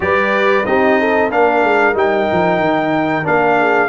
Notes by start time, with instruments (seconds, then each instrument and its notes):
0.00 tuba G3, trombone G4, horn B4, trumpet D5
0.65 tuba C4, trombone D#4, horn G4, trumpet D#5
0.99 horn A4
1.29 tuba A#3, trombone D4, horn A#4, trumpet F5
1.63 tuba G#3
1.93 tuba G3, trombone D#4, trumpet G5
2.32 tuba F3
2.59 tuba D#3
3.23 tuba A#3, trombone D4, trumpet F5
3.59 horn G#4